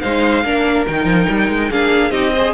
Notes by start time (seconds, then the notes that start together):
0.00 G#3 D#4 C5 F5
0.43 A#3 D4 A#4
0.87 D#3 D#4 G5
1.05 F3
1.29 G3
1.49 G#3
1.69 A#3 D4 G#4 F5
2.10 C4 D#4 G4 D#5
2.33 G#4 C5